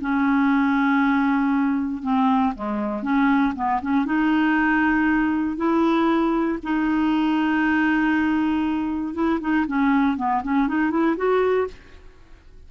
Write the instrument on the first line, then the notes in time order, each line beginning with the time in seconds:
clarinet
0.00 C#4
2.02 C4
2.54 G#3
3.02 C#4
3.55 B3
3.81 C#4
4.05 D#4
5.56 E4
6.63 D#4
9.14 E4
9.40 D#4
9.67 C#4
10.16 B3
10.43 C#4
10.67 D#4
10.90 E4
11.16 F#4